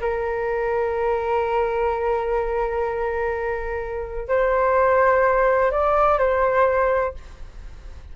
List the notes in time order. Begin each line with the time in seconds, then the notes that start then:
0.00 A#4
4.28 C5
5.71 D5
6.18 C5